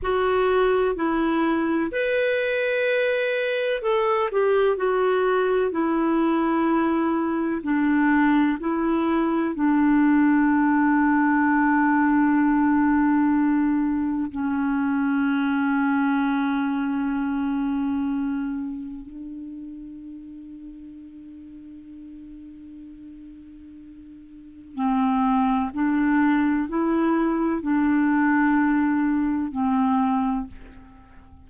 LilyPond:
\new Staff \with { instrumentName = "clarinet" } { \time 4/4 \tempo 4 = 63 fis'4 e'4 b'2 | a'8 g'8 fis'4 e'2 | d'4 e'4 d'2~ | d'2. cis'4~ |
cis'1 | d'1~ | d'2 c'4 d'4 | e'4 d'2 c'4 | }